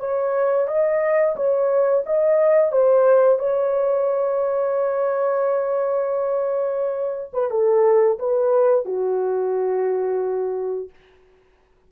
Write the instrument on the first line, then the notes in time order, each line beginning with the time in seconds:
horn
0.00 C#5
0.68 D#5
1.36 C#5
2.06 D#5
2.72 C5
3.39 C#5
7.34 B4
7.51 A4
8.19 B4
8.85 F#4